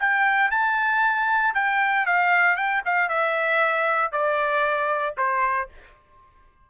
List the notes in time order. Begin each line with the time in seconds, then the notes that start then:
0.00 G5
0.51 A5
1.55 G5
2.06 F5
2.57 G5
2.86 F5
3.09 E5
4.12 D5
5.17 C5